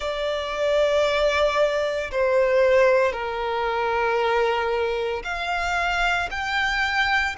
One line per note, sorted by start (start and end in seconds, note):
0.00 2.11 D5
2.11 3.12 C5
3.12 5.22 A#4
5.23 6.29 F5
6.30 7.35 G5